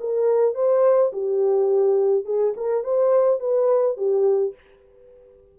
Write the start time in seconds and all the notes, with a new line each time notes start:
0.00 A#4
0.55 C5
1.12 G4
2.25 G#4
2.56 A#4
2.84 C5
3.39 B4
3.97 G4